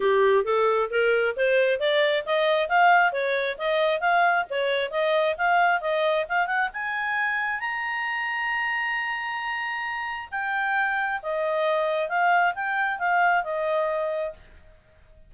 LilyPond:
\new Staff \with { instrumentName = "clarinet" } { \time 4/4 \tempo 4 = 134 g'4 a'4 ais'4 c''4 | d''4 dis''4 f''4 cis''4 | dis''4 f''4 cis''4 dis''4 | f''4 dis''4 f''8 fis''8 gis''4~ |
gis''4 ais''2.~ | ais''2. g''4~ | g''4 dis''2 f''4 | g''4 f''4 dis''2 | }